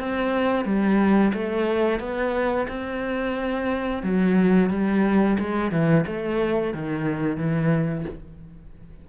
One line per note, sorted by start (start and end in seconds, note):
0.00 0.65 C4
0.65 1.33 G3
1.34 2.00 A3
2.00 2.67 B3
2.68 4.03 C4
4.04 4.70 F#3
4.70 5.38 G3
5.39 5.72 G#3
5.72 6.06 E3
6.07 6.74 A3
6.74 7.38 D#3
7.38 8.05 E3